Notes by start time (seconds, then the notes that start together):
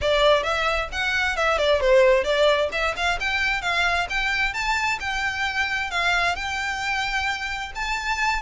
0.01 D5
0.43 E5
0.92 F#5
1.36 E5
1.58 D5
1.80 C5
2.24 D5
2.71 E5
2.96 F5
3.20 G5
3.61 F5
4.09 G5
4.53 A5
5.00 G5
5.90 F5
6.35 G5
7.75 A5